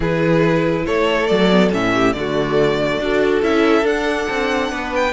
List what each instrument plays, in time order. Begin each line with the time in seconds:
0.00 cello E3, viola E4, violin G#4 B4
0.85 cello A3, violin A4 C#5
1.27 cello F#3, viola A3, violin D5
1.50 viola B3
1.71 cello A2, viola C#4, violin E5
1.93 violin G4
2.12 cello D3, viola A3, violin F#4 D5
2.99 cello D4, viola F#4, violin A4
3.42 cello C#4, viola E4, violin E5
3.82 cello D4, viola D4, violin F#5
4.29 cello C4
4.71 cello B3, violin B4
4.95 violin G5